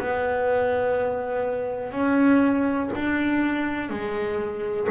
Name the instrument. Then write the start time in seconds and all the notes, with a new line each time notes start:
double bass
0.00 B3
1.92 C#4
2.95 D4
3.89 G#3